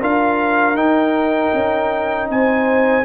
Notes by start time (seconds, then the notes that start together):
0.00 D4 F4 A#4 F5
0.74 D#4 G5
1.53 C#4
2.29 C4 C5 G#5